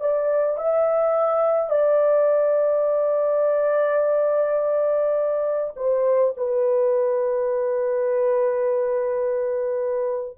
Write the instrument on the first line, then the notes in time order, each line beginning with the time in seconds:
horn
0.00 D5
0.57 E5
1.69 D5
5.76 C5
6.37 B4